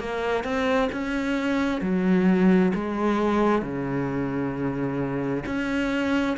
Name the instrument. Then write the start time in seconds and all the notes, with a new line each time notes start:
cello
0.00 A#3
0.44 C4
0.93 C#4
1.82 F#3
2.75 G#3
3.62 C#3
5.46 C#4